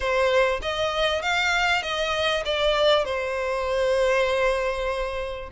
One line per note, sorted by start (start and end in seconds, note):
0.00 0.60 C5
0.62 1.22 D#5
1.22 1.82 F5
1.82 2.43 D#5
2.45 3.04 D5
3.04 5.49 C5